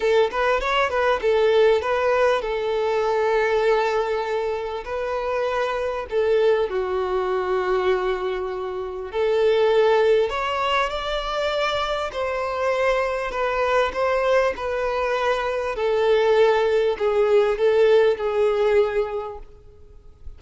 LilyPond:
\new Staff \with { instrumentName = "violin" } { \time 4/4 \tempo 4 = 99 a'8 b'8 cis''8 b'8 a'4 b'4 | a'1 | b'2 a'4 fis'4~ | fis'2. a'4~ |
a'4 cis''4 d''2 | c''2 b'4 c''4 | b'2 a'2 | gis'4 a'4 gis'2 | }